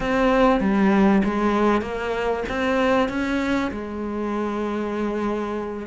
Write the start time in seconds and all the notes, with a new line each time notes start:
0.00 C4
0.60 G3
1.23 G#3
1.81 A#3
2.49 C4
3.08 C#4
3.71 G#3